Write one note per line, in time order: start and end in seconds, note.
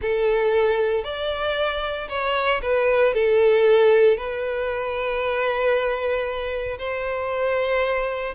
0.01 1.03 A4
1.03 2.08 D5
2.08 2.61 C#5
2.62 3.14 B4
3.14 4.17 A4
4.17 6.78 B4
6.78 8.34 C5